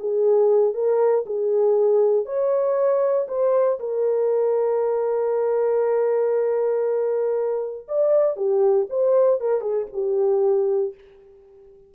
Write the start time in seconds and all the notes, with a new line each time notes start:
0.00 G#4
0.74 A#4
1.26 G#4
2.26 C#5
3.28 C5
3.80 A#4
7.88 D5
8.37 G4
8.90 C5
9.41 A#4
9.61 G#4
9.93 G4